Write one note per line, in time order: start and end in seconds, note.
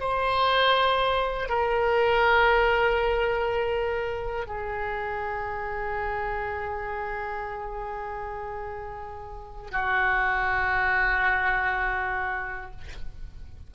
0.00 1.49 C5
1.49 4.47 A#4
4.47 9.72 G#4
9.72 12.72 F#4